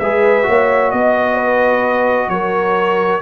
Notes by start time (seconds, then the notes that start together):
0.00 G#3 G#4 B4 E5
0.44 A#3 F#4 C#5
0.91 B3 D#5
1.36 B4
2.29 F#3 A#4 C#5